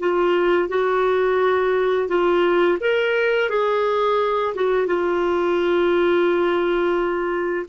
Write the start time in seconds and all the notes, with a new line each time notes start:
0.00 F4
0.69 F#4
2.08 F4
2.80 A#4
3.50 G#4
4.55 F#4
4.87 F4